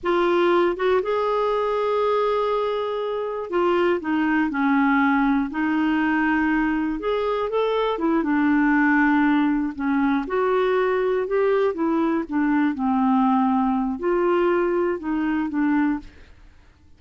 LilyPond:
\new Staff \with { instrumentName = "clarinet" } { \time 4/4 \tempo 4 = 120 f'4. fis'8 gis'2~ | gis'2. f'4 | dis'4 cis'2 dis'4~ | dis'2 gis'4 a'4 |
e'8 d'2. cis'8~ | cis'8 fis'2 g'4 e'8~ | e'8 d'4 c'2~ c'8 | f'2 dis'4 d'4 | }